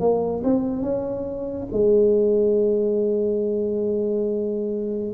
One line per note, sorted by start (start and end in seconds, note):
0.00 0.43 A#3
0.44 0.82 C4
0.82 1.68 C#4
1.72 5.14 G#3